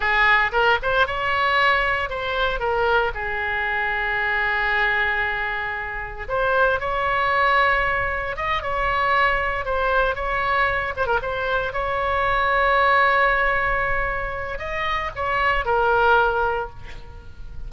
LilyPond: \new Staff \with { instrumentName = "oboe" } { \time 4/4 \tempo 4 = 115 gis'4 ais'8 c''8 cis''2 | c''4 ais'4 gis'2~ | gis'1 | c''4 cis''2. |
dis''8 cis''2 c''4 cis''8~ | cis''4 c''16 ais'16 c''4 cis''4.~ | cis''1 | dis''4 cis''4 ais'2 | }